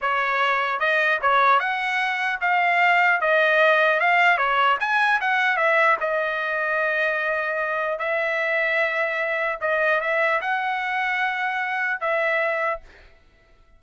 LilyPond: \new Staff \with { instrumentName = "trumpet" } { \time 4/4 \tempo 4 = 150 cis''2 dis''4 cis''4 | fis''2 f''2 | dis''2 f''4 cis''4 | gis''4 fis''4 e''4 dis''4~ |
dis''1 | e''1 | dis''4 e''4 fis''2~ | fis''2 e''2 | }